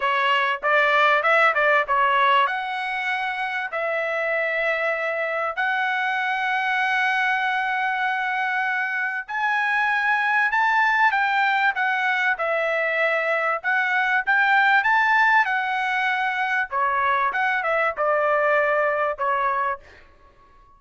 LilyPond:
\new Staff \with { instrumentName = "trumpet" } { \time 4/4 \tempo 4 = 97 cis''4 d''4 e''8 d''8 cis''4 | fis''2 e''2~ | e''4 fis''2.~ | fis''2. gis''4~ |
gis''4 a''4 g''4 fis''4 | e''2 fis''4 g''4 | a''4 fis''2 cis''4 | fis''8 e''8 d''2 cis''4 | }